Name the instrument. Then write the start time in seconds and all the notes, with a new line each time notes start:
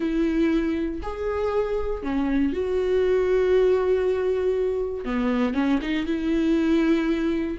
viola
0.00 E4
1.02 G#4
2.02 C#4
2.53 F#4
5.04 B3
5.53 C#4
5.82 D#4
6.05 E4